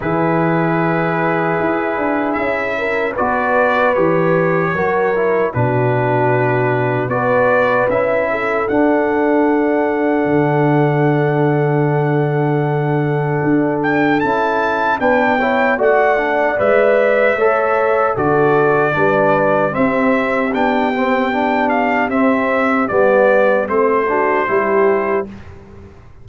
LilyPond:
<<
  \new Staff \with { instrumentName = "trumpet" } { \time 4/4 \tempo 4 = 76 b'2. e''4 | d''4 cis''2 b'4~ | b'4 d''4 e''4 fis''4~ | fis''1~ |
fis''4. g''8 a''4 g''4 | fis''4 e''2 d''4~ | d''4 e''4 g''4. f''8 | e''4 d''4 c''2 | }
  \new Staff \with { instrumentName = "horn" } { \time 4/4 gis'2.~ gis'8 ais'8 | b'2 ais'4 fis'4~ | fis'4 b'4. a'4.~ | a'1~ |
a'2. b'8 cis''8 | d''2 cis''4 a'4 | b'4 g'2.~ | g'2~ g'8 fis'8 g'4 | }
  \new Staff \with { instrumentName = "trombone" } { \time 4/4 e'1 | fis'4 g'4 fis'8 e'8 d'4~ | d'4 fis'4 e'4 d'4~ | d'1~ |
d'2 e'4 d'8 e'8 | fis'8 d'8 b'4 a'4 fis'4 | d'4 c'4 d'8 c'8 d'4 | c'4 b4 c'8 d'8 e'4 | }
  \new Staff \with { instrumentName = "tuba" } { \time 4/4 e2 e'8 d'8 cis'4 | b4 e4 fis4 b,4~ | b,4 b4 cis'4 d'4~ | d'4 d2.~ |
d4 d'4 cis'4 b4 | a4 gis4 a4 d4 | g4 c'4 b2 | c'4 g4 a4 g4 | }
>>